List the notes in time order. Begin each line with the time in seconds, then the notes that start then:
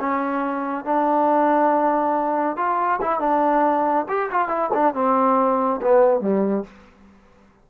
0.00 C#4
0.85 D4
2.57 F4
3.02 E4
3.20 D4
4.09 G4
4.31 F4
4.49 E4
4.74 D4
4.95 C4
5.82 B3
6.21 G3